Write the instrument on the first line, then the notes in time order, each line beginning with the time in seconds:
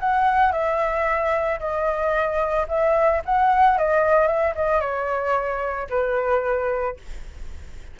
flute
0.00 F#5
0.52 E5
1.60 D#5
2.69 E5
3.25 F#5
3.78 D#5
4.28 E5
4.56 D#5
4.81 C#5
5.90 B4